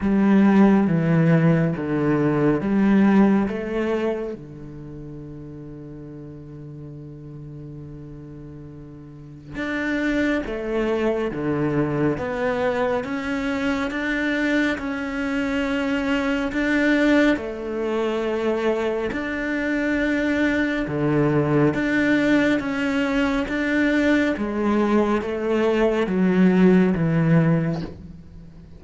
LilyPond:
\new Staff \with { instrumentName = "cello" } { \time 4/4 \tempo 4 = 69 g4 e4 d4 g4 | a4 d2.~ | d2. d'4 | a4 d4 b4 cis'4 |
d'4 cis'2 d'4 | a2 d'2 | d4 d'4 cis'4 d'4 | gis4 a4 fis4 e4 | }